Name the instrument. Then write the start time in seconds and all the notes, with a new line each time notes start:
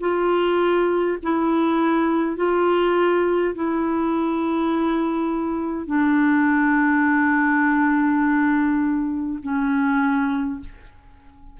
clarinet
0.00 F4
1.22 E4
2.36 F4
3.55 E4
5.86 D4
9.42 C#4